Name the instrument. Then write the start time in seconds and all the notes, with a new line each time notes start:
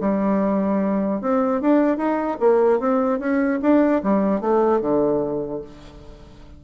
bassoon
0.00 G3
1.21 C4
1.61 D4
1.97 D#4
2.40 A#3
2.79 C4
3.19 C#4
3.61 D4
4.03 G3
4.40 A3
4.80 D3